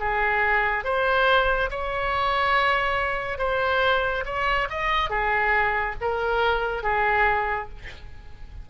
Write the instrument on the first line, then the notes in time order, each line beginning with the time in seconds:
oboe
0.00 G#4
0.84 C5
1.70 C#5
3.38 C5
4.25 C#5
4.70 D#5
5.10 G#4
6.01 A#4
6.83 G#4